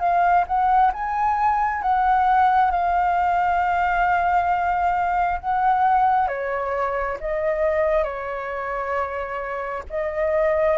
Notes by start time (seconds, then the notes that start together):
0.00 F5
0.47 F#5
0.93 G#5
1.82 F#5
2.72 F5
5.41 F#5
6.28 C#5
7.20 D#5
8.04 C#5
9.90 D#5